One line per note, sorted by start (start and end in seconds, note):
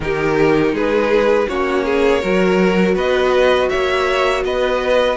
0.00 0.72 D#3
0.00 1.46 D#4
0.00 0.74 G4
0.00 0.75 A#4
0.72 1.46 G#3
0.72 1.48 G#4
0.72 1.48 B4
1.48 2.23 A#3
1.48 2.22 C#4
1.48 1.85 F#4
1.48 2.96 C#5
1.85 2.21 G#4
2.21 2.95 F#3
2.21 5.17 F#4
2.21 2.94 A#4
2.94 3.69 B3
2.94 3.69 B4
2.94 3.69 D#5
3.69 4.44 A#3
3.69 4.43 C#5
3.69 4.43 E5
4.44 5.17 B3
4.44 5.17 B4
4.44 5.17 D#5